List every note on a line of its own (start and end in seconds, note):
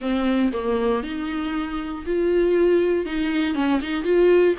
0.01 0.52 C4
0.52 1.03 A#3
1.03 2.04 D#4
2.06 3.05 F4
3.05 3.55 D#4
3.55 3.80 C#4
3.81 4.04 D#4
4.04 4.54 F4